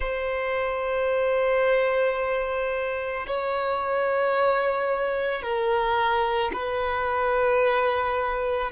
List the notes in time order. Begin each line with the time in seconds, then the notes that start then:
0.00 C5
3.27 C#5
5.42 A#4
6.53 B4